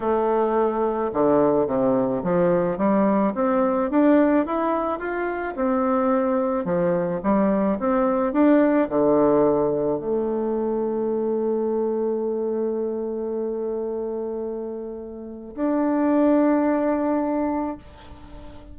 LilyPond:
\new Staff \with { instrumentName = "bassoon" } { \time 4/4 \tempo 4 = 108 a2 d4 c4 | f4 g4 c'4 d'4 | e'4 f'4 c'2 | f4 g4 c'4 d'4 |
d2 a2~ | a1~ | a1 | d'1 | }